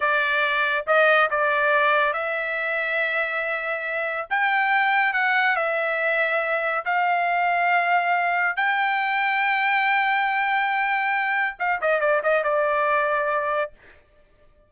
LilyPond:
\new Staff \with { instrumentName = "trumpet" } { \time 4/4 \tempo 4 = 140 d''2 dis''4 d''4~ | d''4 e''2.~ | e''2 g''2 | fis''4 e''2. |
f''1 | g''1~ | g''2. f''8 dis''8 | d''8 dis''8 d''2. | }